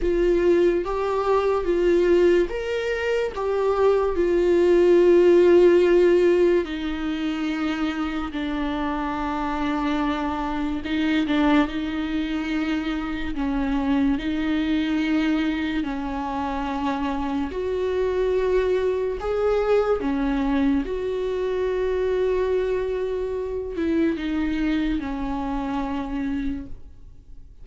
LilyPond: \new Staff \with { instrumentName = "viola" } { \time 4/4 \tempo 4 = 72 f'4 g'4 f'4 ais'4 | g'4 f'2. | dis'2 d'2~ | d'4 dis'8 d'8 dis'2 |
cis'4 dis'2 cis'4~ | cis'4 fis'2 gis'4 | cis'4 fis'2.~ | fis'8 e'8 dis'4 cis'2 | }